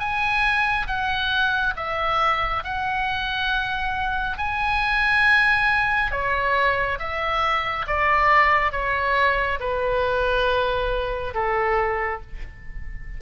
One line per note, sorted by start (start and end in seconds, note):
0.00 0.87 G#5
0.88 1.75 F#5
1.77 2.64 E5
2.64 4.38 F#5
4.38 6.12 G#5
6.12 6.99 C#5
7.00 7.87 E5
7.87 8.73 D5
8.73 9.60 C#5
9.60 11.34 B4
11.35 12.22 A4